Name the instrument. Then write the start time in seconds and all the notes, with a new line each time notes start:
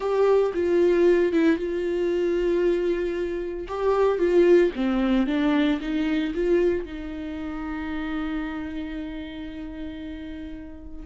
viola
0.00 G4
0.54 F4
1.32 E4
1.56 F4
3.67 G4
4.18 F4
4.75 C4
5.26 D4
5.80 D#4
6.34 F4
6.85 D#4